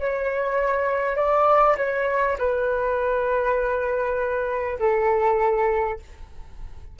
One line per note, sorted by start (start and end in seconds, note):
0.00 1.17 C#5
1.17 1.77 D5
1.77 2.37 C#5
2.39 4.79 B4
4.80 6.00 A4